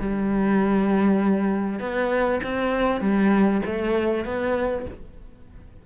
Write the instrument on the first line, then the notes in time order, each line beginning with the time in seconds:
cello
0.00 G3
1.80 B3
2.43 C4
3.01 G3
3.66 A3
4.25 B3